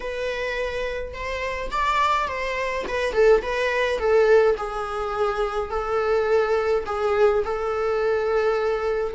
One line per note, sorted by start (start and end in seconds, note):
0.00 1.13 B4
1.13 1.70 C5
1.71 2.28 D5
2.28 2.85 C5
2.88 3.12 B4
3.12 3.41 A4
3.42 3.98 B4
3.98 4.55 A4
4.57 5.70 G#4
5.70 6.84 A4
6.86 7.43 G#4
7.44 9.15 A4